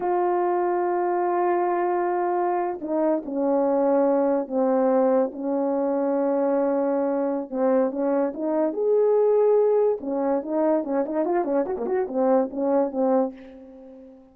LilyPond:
\new Staff \with { instrumentName = "horn" } { \time 4/4 \tempo 4 = 144 f'1~ | f'2~ f'8. dis'4 cis'16~ | cis'2~ cis'8. c'4~ c'16~ | c'8. cis'2.~ cis'16~ |
cis'2 c'4 cis'4 | dis'4 gis'2. | cis'4 dis'4 cis'8 dis'8 f'8 cis'8 | fis'16 ais16 fis'8 c'4 cis'4 c'4 | }